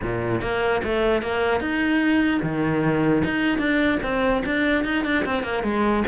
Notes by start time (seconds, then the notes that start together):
0.02 A#2
0.41 A#3
0.83 A3
1.22 A#3
1.60 D#4
2.42 D#3
3.24 D#4
3.58 D4
4.02 C4
4.45 D4
4.84 D#4
5.04 D4
5.25 C4
5.43 A#3
5.63 G#3